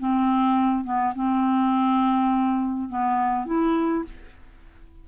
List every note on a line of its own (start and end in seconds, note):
0.00 0.85 C4
0.85 1.14 B3
1.15 2.89 C4
2.89 3.46 B3
3.46 4.04 E4